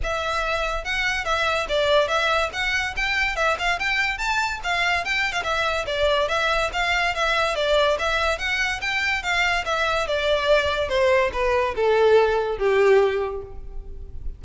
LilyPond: \new Staff \with { instrumentName = "violin" } { \time 4/4 \tempo 4 = 143 e''2 fis''4 e''4 | d''4 e''4 fis''4 g''4 | e''8 f''8 g''4 a''4 f''4 | g''8. f''16 e''4 d''4 e''4 |
f''4 e''4 d''4 e''4 | fis''4 g''4 f''4 e''4 | d''2 c''4 b'4 | a'2 g'2 | }